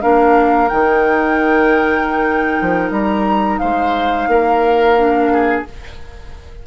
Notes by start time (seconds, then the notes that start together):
0.00 A#3 D4 A#4 F5
0.68 D#3 D#4 G5
2.60 F3
2.90 G3 A#5
3.58 G#3 C5 F5
4.27 A#3 A#4
4.96 D4
5.32 G#4